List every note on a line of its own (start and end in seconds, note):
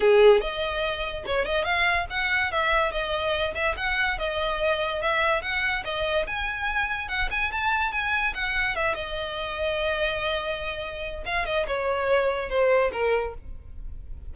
0.00 0.40 G#4
0.41 1.24 D#5
1.26 1.45 C#5
1.45 1.64 D#5
1.64 2.06 F5
2.10 2.51 F#5
2.51 2.91 E5
2.91 3.54 D#5
3.54 3.75 E5
3.76 4.18 F#5
4.18 5.02 D#5
5.02 5.42 E5
5.42 5.83 F#5
5.84 6.26 D#5
6.26 7.08 G#5
7.08 7.29 F#5
7.30 7.51 G#5
7.51 7.91 A5
7.91 8.33 G#5
8.34 8.75 F#5
8.75 8.94 E5
8.94 11.23 D#5
11.25 11.45 F5
11.45 11.66 D#5
11.67 12.49 C#5
12.49 12.91 C5
12.92 13.34 A#4